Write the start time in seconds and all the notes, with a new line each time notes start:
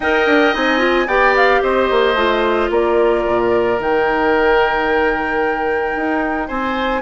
0.00 D#4 A#4 D#5 G5
0.26 D4
0.53 C4 D#4 G#5
0.78 F4
1.07 B3 G4 D5 G5
1.36 F5
1.62 C4 C5 D#5
1.90 A#3
2.14 A3 F4
2.70 A#3 A#4 D5
3.26 A#2
3.78 D#3 D#4 G5
5.95 D#4
6.47 C4 C5 G#5